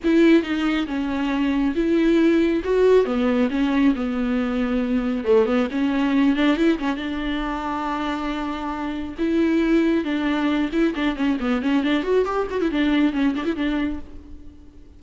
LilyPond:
\new Staff \with { instrumentName = "viola" } { \time 4/4 \tempo 4 = 137 e'4 dis'4 cis'2 | e'2 fis'4 b4 | cis'4 b2. | a8 b8 cis'4. d'8 e'8 cis'8 |
d'1~ | d'4 e'2 d'4~ | d'8 e'8 d'8 cis'8 b8 cis'8 d'8 fis'8 | g'8 fis'16 e'16 d'4 cis'8 d'16 e'16 d'4 | }